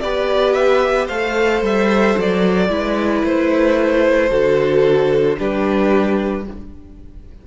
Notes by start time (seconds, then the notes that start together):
0.00 B3 G4 B4 D5
0.53 E5
1.06 A3 A4 C5 F5
1.61 G3 E5
2.17 F#3 D5
2.69 G#3 E4 B4
3.24 A3 C5
4.29 D3 F#4 A4
5.38 G3 D4 G4 B4